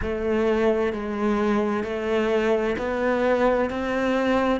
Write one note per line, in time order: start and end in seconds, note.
0.02 0.92 A3
0.92 1.83 G#3
1.83 2.76 A3
2.78 3.69 B3
3.69 4.60 C4